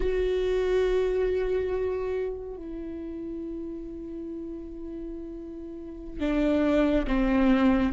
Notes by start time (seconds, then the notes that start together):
0.00 F#4
2.56 E4
6.19 D4
7.07 C4